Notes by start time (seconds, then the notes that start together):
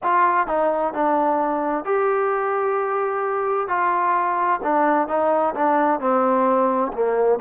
0.03 F4
0.47 D#4
0.93 D4
1.84 G4
3.68 F4
4.63 D4
5.08 D#4
5.54 D4
6.00 C4
6.92 A#3